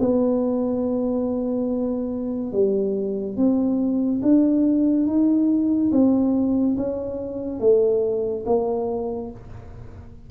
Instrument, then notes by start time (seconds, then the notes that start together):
tuba
0.00 B3
2.53 G3
3.37 C4
4.23 D4
5.07 D#4
5.92 C4
6.77 C#4
7.60 A3
8.46 A#3